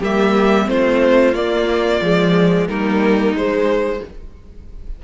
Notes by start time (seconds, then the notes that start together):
0.00 G3 A#3 G4 E5
0.66 A3 C4 F4 C5
1.34 A#3 D5
2.01 F3 G#3
2.68 G3 A#3 D#4 A#4
3.34 G#3 C5